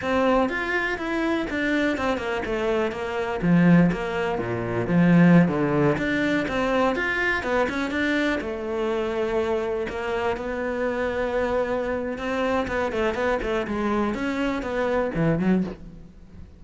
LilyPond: \new Staff \with { instrumentName = "cello" } { \time 4/4 \tempo 4 = 123 c'4 f'4 e'4 d'4 | c'8 ais8 a4 ais4 f4 | ais4 ais,4 f4~ f16 d8.~ | d16 d'4 c'4 f'4 b8 cis'16~ |
cis'16 d'4 a2~ a8.~ | a16 ais4 b2~ b8.~ | b4 c'4 b8 a8 b8 a8 | gis4 cis'4 b4 e8 fis8 | }